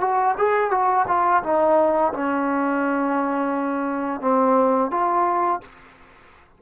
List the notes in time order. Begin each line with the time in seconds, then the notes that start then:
0.00 F#4
0.37 G#4
0.71 F#4
1.08 F4
1.43 D#4
2.13 C#4
4.21 C4
4.91 F4